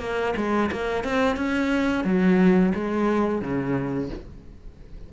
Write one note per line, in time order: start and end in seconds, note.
0.00 0.34 A#3
0.36 0.70 G#3
0.72 1.04 A#3
1.04 1.37 C4
1.37 2.05 C#4
2.05 2.73 F#3
2.75 3.42 G#3
3.42 4.10 C#3